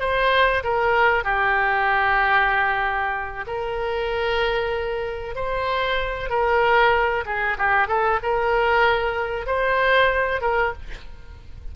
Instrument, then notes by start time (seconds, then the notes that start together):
oboe
0.00 C5
0.63 A#4
1.24 G4
3.47 A#4
5.35 C5
6.30 A#4
7.26 G#4
7.58 G4
7.87 A4
8.23 A#4
9.47 C5
10.41 A#4